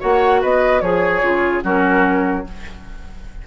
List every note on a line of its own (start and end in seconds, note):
0.00 0.43 A#3
0.00 0.82 F#4
0.00 0.41 C#5
0.00 0.43 F#5
0.42 0.82 B3
0.42 0.82 B4
0.42 0.81 D#5
0.81 1.23 F3
0.81 1.64 G#4
0.81 1.22 G#4
0.81 1.62 C#5
1.22 1.63 C#3
1.22 1.63 F4
1.63 2.46 F#3
1.63 2.45 C#4
1.63 2.46 F#4
1.63 2.47 A#4